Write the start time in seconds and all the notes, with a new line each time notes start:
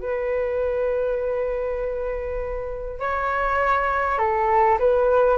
0.00 B4
3.00 C#5
4.18 A4
4.79 B4